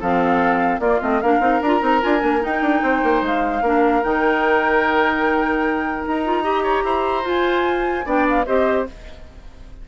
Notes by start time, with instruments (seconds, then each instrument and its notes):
0.00 bassoon F3, clarinet C4, oboe A4, flute F5
0.79 bassoon A#3, clarinet A#3, oboe F4, flute D5
1.02 bassoon A3, clarinet C4, flute D#5
1.21 bassoon A#3, clarinet D4, oboe A#4, flute F5
1.40 bassoon C4, clarinet D#4
1.61 bassoon D4, clarinet F4, flute A#5
1.80 bassoon C4, clarinet D#4
2.02 bassoon D4, clarinet F4, flute G#5
2.19 bassoon A#3, clarinet D4
2.41 clarinet D#4, bassoon D#4, flute G5
2.62 bassoon D4
2.82 bassoon C4, oboe C5
3.03 bassoon A#3
3.22 bassoon G#3, flute F5
3.62 bassoon A#3, clarinet D4, oboe A#4
4.03 bassoon D#3, clarinet D#4, flute G5
6.07 bassoon D#4, flute A#5
6.25 clarinet F4
6.43 clarinet G4, oboe D#5
6.63 oboe C#5
6.84 bassoon E4, oboe C5
7.24 clarinet F4, bassoon F4, flute G#5
8.05 bassoon B3, clarinet D4, oboe D5, flute G5
8.29 flute F5
8.46 bassoon C4, clarinet G4, oboe C5, flute D#5